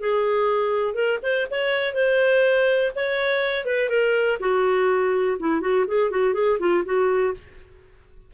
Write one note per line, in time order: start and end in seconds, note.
0.00 0.94 G#4
0.94 1.19 A#4
1.22 1.47 C5
1.50 1.94 C#5
1.94 2.92 C5
2.95 3.65 C#5
3.65 3.89 B4
3.89 4.38 A#4
4.40 5.37 F#4
5.39 5.61 E4
5.61 5.85 F#4
5.87 6.10 G#4
6.10 6.33 F#4
6.33 6.58 G#4
6.59 6.84 F4
6.85 7.34 F#4